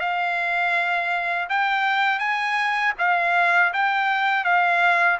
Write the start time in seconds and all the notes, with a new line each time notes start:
0.00 F5
1.49 G5
2.19 G#5
2.98 F5
3.73 G5
4.44 F5